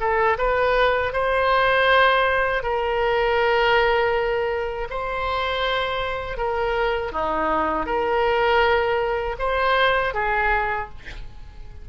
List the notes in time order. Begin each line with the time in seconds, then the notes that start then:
0.00 A4
0.38 B4
1.13 C5
2.63 A#4
4.90 C5
6.38 A#4
7.12 D#4
7.86 A#4
9.39 C5
10.14 G#4